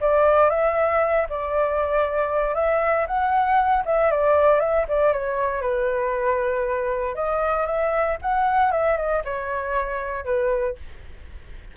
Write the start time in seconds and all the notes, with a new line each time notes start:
0.00 D5
0.49 E5
1.29 D5
2.54 E5
3.07 F#5
3.85 E5
4.10 D5
4.59 E5
4.88 D5
5.12 C#5
5.61 B4
7.15 D#5
7.66 E5
8.21 F#5
8.71 E5
8.97 D#5
9.24 C#5
10.24 B4